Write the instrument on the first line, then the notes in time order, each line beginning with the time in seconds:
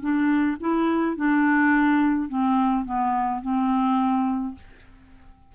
clarinet
0.00 D4
0.60 E4
1.16 D4
2.28 C4
2.85 B3
3.41 C4